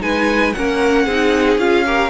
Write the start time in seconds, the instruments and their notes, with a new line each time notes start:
0.00 cello G#3, viola D#4, violin B4 G#5
0.53 cello A#3, viola C#4, violin A#4 F#5
1.05 cello C4, viola D#4, violin G#4
1.58 cello C#4, viola F4, violin F5
1.86 viola G4, violin A#4